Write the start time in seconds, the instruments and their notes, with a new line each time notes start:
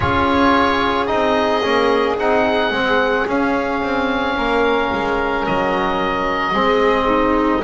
0.00 double bass C#4, trombone F4, violin G#4, oboe C#5
1.06 double bass C4, trombone D#4, oboe D#5
1.62 double bass A#3, trombone C#4
2.17 double bass C4, trombone D#4, oboe F#5
2.70 double bass G#3, trombone C4
3.27 double bass C#4, trombone C#4, oboe F5
3.82 double bass C4
4.36 double bass A#3, violin A#4
4.92 double bass G#3
5.46 double bass F#3, oboe D#5
6.53 double bass G#3, trombone C4, violin G#4
7.07 violin D#4